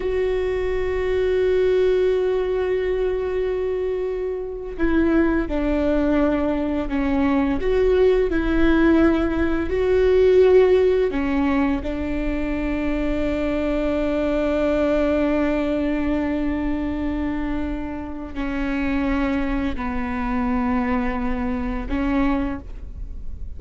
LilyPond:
\new Staff \with { instrumentName = "viola" } { \time 4/4 \tempo 4 = 85 fis'1~ | fis'2~ fis'8. e'4 d'16~ | d'4.~ d'16 cis'4 fis'4 e'16~ | e'4.~ e'16 fis'2 cis'16~ |
cis'8. d'2.~ d'16~ | d'1~ | d'2 cis'2 | b2. cis'4 | }